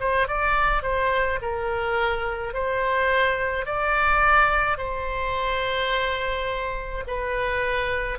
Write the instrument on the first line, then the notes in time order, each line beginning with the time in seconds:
oboe
0.00 C5
0.28 D5
0.82 C5
1.42 A#4
2.54 C5
3.65 D5
4.78 C5
7.07 B4